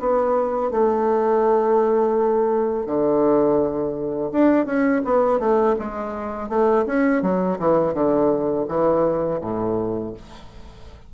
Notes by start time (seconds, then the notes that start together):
0.00 B3
0.71 A3
2.86 D3
4.32 D4
4.66 C#4
5.05 B3
5.40 A3
5.79 G#3
6.49 A3
6.86 C#4
7.22 F#3
7.59 E3
7.94 D3
8.68 E3
9.41 A2